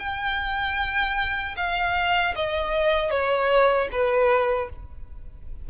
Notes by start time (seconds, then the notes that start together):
0.00 G5
1.57 F5
2.36 D#5
3.11 C#5
3.92 B4